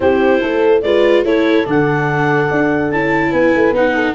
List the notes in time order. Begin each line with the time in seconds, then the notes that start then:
0.00 C4 E4 G4 C5
0.41 A3 A4
0.81 G#3 F4 B4 D5
1.23 A3 E4 A4 C#5
1.64 D3 D4 F#5
2.50 D4
2.91 C#4 E4 A5
3.30 B3 B4 G#5
3.54 A3
3.71 B3 D#4 F#5
3.94 A4